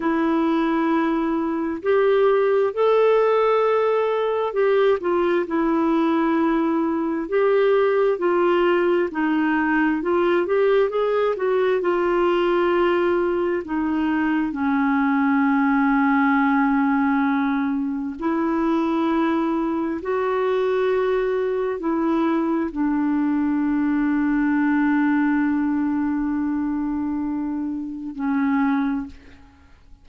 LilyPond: \new Staff \with { instrumentName = "clarinet" } { \time 4/4 \tempo 4 = 66 e'2 g'4 a'4~ | a'4 g'8 f'8 e'2 | g'4 f'4 dis'4 f'8 g'8 | gis'8 fis'8 f'2 dis'4 |
cis'1 | e'2 fis'2 | e'4 d'2.~ | d'2. cis'4 | }